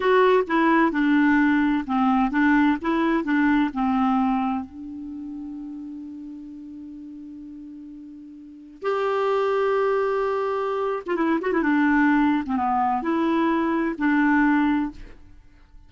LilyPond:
\new Staff \with { instrumentName = "clarinet" } { \time 4/4 \tempo 4 = 129 fis'4 e'4 d'2 | c'4 d'4 e'4 d'4 | c'2 d'2~ | d'1~ |
d'2. g'4~ | g'2.~ g'8. f'16 | e'8 fis'16 e'16 d'4.~ d'16 c'16 b4 | e'2 d'2 | }